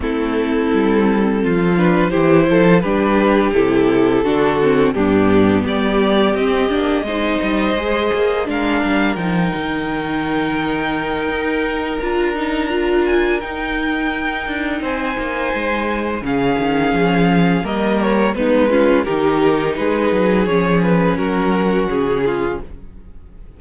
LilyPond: <<
  \new Staff \with { instrumentName = "violin" } { \time 4/4 \tempo 4 = 85 a'2~ a'8 b'8 c''4 | b'4 a'2 g'4 | d''4 dis''2. | f''4 g''2.~ |
g''4 ais''4. gis''8 g''4~ | g''4 gis''2 f''4~ | f''4 dis''8 cis''8 b'4 ais'4 | b'4 cis''8 b'8 ais'4 gis'4 | }
  \new Staff \with { instrumentName = "violin" } { \time 4/4 e'2 f'4 g'8 a'8 | g'2 fis'4 d'4 | g'2 c''2 | ais'1~ |
ais'1~ | ais'4 c''2 gis'4~ | gis'4 ais'4 dis'8 f'8 g'4 | gis'2 fis'4. f'8 | }
  \new Staff \with { instrumentName = "viola" } { \time 4/4 c'2~ c'8 d'8 e'4 | d'4 e'4 d'8 c'8 b4~ | b4 c'8 d'8 dis'4 gis'4 | d'4 dis'2.~ |
dis'4 f'8 dis'8 f'4 dis'4~ | dis'2. cis'4~ | cis'4 ais4 b8 cis'8 dis'4~ | dis'4 cis'2. | }
  \new Staff \with { instrumentName = "cello" } { \time 4/4 a4 g4 f4 e8 f8 | g4 c4 d4 g,4 | g4 c'8 ais8 gis8 g8 gis8 ais8 | gis8 g8 f8 dis2~ dis8 |
dis'4 d'2 dis'4~ | dis'8 d'8 c'8 ais8 gis4 cis8 dis8 | f4 g4 gis4 dis4 | gis8 fis8 f4 fis4 cis4 | }
>>